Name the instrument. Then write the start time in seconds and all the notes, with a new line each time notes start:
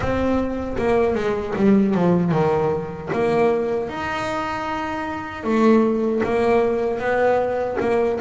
double bass
0.00 C4
0.78 A#3
1.14 G#3
1.56 G3
1.94 F3
2.31 D#3
3.12 A#3
3.89 D#4
5.43 A3
6.23 A#3
6.99 B3
7.80 A#3